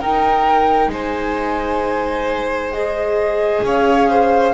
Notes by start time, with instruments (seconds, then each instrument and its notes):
0.00 double bass D#4, viola D#4, violin A#4, flute G5
0.87 double bass G#3, violin C5
0.94 flute G#5
2.73 viola G#4, flute D#5
3.64 double bass C#4, violin C#5, flute F5
4.10 violin C5